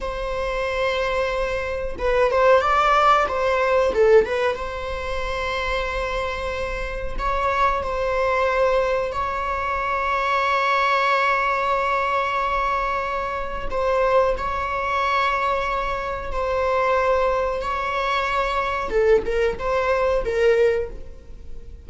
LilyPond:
\new Staff \with { instrumentName = "viola" } { \time 4/4 \tempo 4 = 92 c''2. b'8 c''8 | d''4 c''4 a'8 b'8 c''4~ | c''2. cis''4 | c''2 cis''2~ |
cis''1~ | cis''4 c''4 cis''2~ | cis''4 c''2 cis''4~ | cis''4 a'8 ais'8 c''4 ais'4 | }